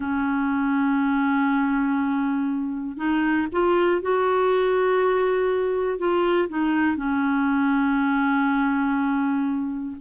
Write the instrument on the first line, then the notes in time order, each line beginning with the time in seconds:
clarinet
0.00 C#4
2.97 D#4
3.51 F4
4.01 F#4
5.98 F4
6.49 D#4
6.96 C#4